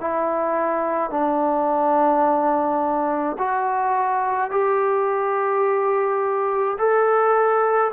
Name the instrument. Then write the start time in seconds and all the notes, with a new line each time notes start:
trombone
0.00 E4
1.10 D4
3.38 F#4
4.50 G4
6.78 A4